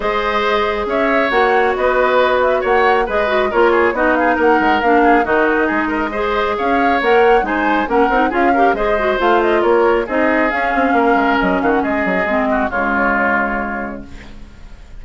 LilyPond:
<<
  \new Staff \with { instrumentName = "flute" } { \time 4/4 \tempo 4 = 137 dis''2 e''4 fis''4 | dis''4. e''8 fis''4 dis''4 | cis''4 dis''8 f''8 fis''4 f''4 | dis''2. f''4 |
fis''4 gis''4 fis''4 f''4 | dis''4 f''8 dis''8 cis''4 dis''4 | f''2 dis''8 f''16 fis''16 dis''4~ | dis''4 cis''2. | }
  \new Staff \with { instrumentName = "oboe" } { \time 4/4 c''2 cis''2 | b'2 cis''4 b'4 | ais'8 gis'8 fis'8 gis'8 ais'4. gis'8 | fis'4 gis'8 ais'8 c''4 cis''4~ |
cis''4 c''4 ais'4 gis'8 ais'8 | c''2 ais'4 gis'4~ | gis'4 ais'4. fis'8 gis'4~ | gis'8 fis'8 f'2. | }
  \new Staff \with { instrumentName = "clarinet" } { \time 4/4 gis'2. fis'4~ | fis'2. gis'8 fis'8 | f'4 dis'2 d'4 | dis'2 gis'2 |
ais'4 dis'4 cis'8 dis'8 f'8 g'8 | gis'8 fis'8 f'2 dis'4 | cis'1 | c'4 gis2. | }
  \new Staff \with { instrumentName = "bassoon" } { \time 4/4 gis2 cis'4 ais4 | b2 ais4 gis4 | ais4 b4 ais8 gis8 ais4 | dis4 gis2 cis'4 |
ais4 gis4 ais8 c'8 cis'4 | gis4 a4 ais4 c'4 | cis'8 c'8 ais8 gis8 fis8 dis8 gis8 fis8 | gis4 cis2. | }
>>